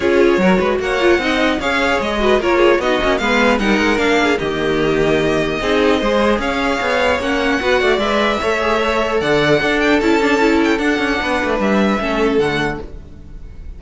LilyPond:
<<
  \new Staff \with { instrumentName = "violin" } { \time 4/4 \tempo 4 = 150 cis''2 fis''2 | f''4 dis''4 cis''4 dis''4 | f''4 fis''4 f''4 dis''4~ | dis''1 |
f''2 fis''2 | e''2. fis''4~ | fis''8 g''8 a''4. g''8 fis''4~ | fis''4 e''2 fis''4 | }
  \new Staff \with { instrumentName = "violin" } { \time 4/4 gis'4 ais'8 b'8 cis''4 dis''4 | cis''4. b'8 ais'8 gis'8 fis'4 | b'4 ais'4. gis'8 g'4~ | g'2 gis'4 c''4 |
cis''2. b'8 d''8~ | d''4 cis''2 d''4 | a'1 | b'2 a'2 | }
  \new Staff \with { instrumentName = "viola" } { \time 4/4 f'4 fis'4. f'8 dis'4 | gis'4. fis'8 f'4 dis'8 cis'8 | b4 dis'4 d'4 ais4~ | ais2 dis'4 gis'4~ |
gis'2 cis'4 fis'4 | b'4 a'8 gis'8 a'2 | d'4 e'8 d'8 e'4 d'4~ | d'2 cis'4 a4 | }
  \new Staff \with { instrumentName = "cello" } { \time 4/4 cis'4 fis8 gis8 ais4 c'4 | cis'4 gis4 ais4 b8 ais8 | gis4 g8 gis8 ais4 dis4~ | dis2 c'4 gis4 |
cis'4 b4 ais4 b8 a8 | gis4 a2 d4 | d'4 cis'2 d'8 cis'8 | b8 a8 g4 a4 d4 | }
>>